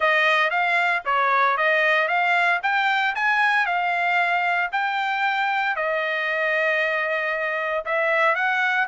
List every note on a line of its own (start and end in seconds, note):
0.00 0.50 D#5
0.50 1.02 F5
1.05 1.57 C#5
1.57 2.08 D#5
2.08 2.60 F5
2.62 3.14 G5
3.15 3.66 G#5
3.66 4.70 F5
4.71 5.76 G5
5.76 7.85 D#5
7.85 8.35 E5
8.35 8.87 F#5